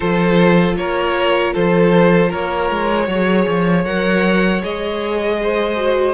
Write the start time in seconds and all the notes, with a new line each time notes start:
0.00 F3 F4 A4 C5
0.75 A#3 A#4 C#5
1.53 F3 A4 C5
2.29 A#3 A#4 C#5
2.70 G#3
3.04 F#3 C#5
3.11 G#4
3.47 F3
3.84 F#3 A#4 F#5
4.62 G#3 G#4 D#5
5.42 C5
5.76 F#4